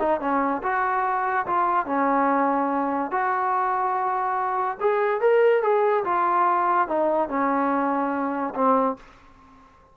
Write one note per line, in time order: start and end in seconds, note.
0.00 0.21 D#4
0.21 0.62 C#4
0.63 1.46 F#4
1.47 1.86 F4
1.86 3.11 C#4
3.11 4.78 F#4
4.81 5.21 G#4
5.21 5.63 A#4
5.63 6.04 G#4
6.05 6.88 F4
6.88 7.29 D#4
7.29 8.54 C#4
8.55 8.97 C4